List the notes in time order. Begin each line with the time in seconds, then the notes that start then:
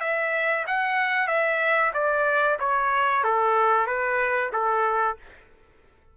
0.00 E5
0.67 F#5
1.27 E5
1.94 D5
2.59 C#5
3.23 A4
3.86 B4
4.52 A4